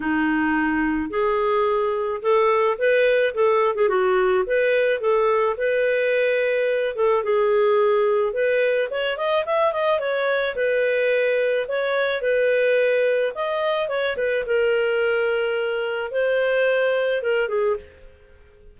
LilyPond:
\new Staff \with { instrumentName = "clarinet" } { \time 4/4 \tempo 4 = 108 dis'2 gis'2 | a'4 b'4 a'8. gis'16 fis'4 | b'4 a'4 b'2~ | b'8 a'8 gis'2 b'4 |
cis''8 dis''8 e''8 dis''8 cis''4 b'4~ | b'4 cis''4 b'2 | dis''4 cis''8 b'8 ais'2~ | ais'4 c''2 ais'8 gis'8 | }